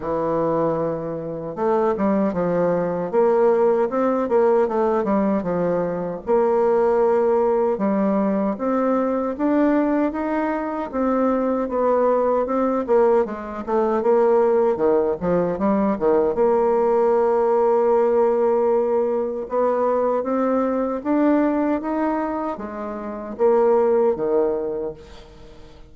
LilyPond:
\new Staff \with { instrumentName = "bassoon" } { \time 4/4 \tempo 4 = 77 e2 a8 g8 f4 | ais4 c'8 ais8 a8 g8 f4 | ais2 g4 c'4 | d'4 dis'4 c'4 b4 |
c'8 ais8 gis8 a8 ais4 dis8 f8 | g8 dis8 ais2.~ | ais4 b4 c'4 d'4 | dis'4 gis4 ais4 dis4 | }